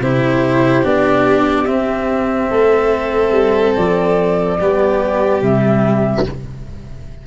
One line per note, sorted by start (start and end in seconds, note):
0.00 0.83 C3
0.00 0.83 E4
0.00 2.49 G4
0.00 0.85 C5
0.83 1.67 B3
0.83 1.66 D4
0.83 1.65 D5
1.65 4.59 C4
1.65 2.51 C4
1.65 3.74 E5
2.49 3.31 A3
2.49 4.58 A4
3.31 3.73 G3
3.75 4.61 F3
3.75 5.42 D5
4.59 5.42 G3
4.59 5.42 B3
4.59 6.26 G4
5.42 6.25 C3
5.42 6.26 G3
5.42 6.26 E5